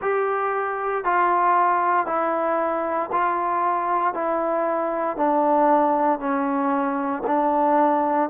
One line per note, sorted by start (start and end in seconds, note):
0.01 1.04 G4
1.04 2.06 F4
2.06 3.09 E4
3.11 4.14 F4
4.14 5.17 E4
5.17 6.19 D4
6.19 7.22 C#4
7.26 8.29 D4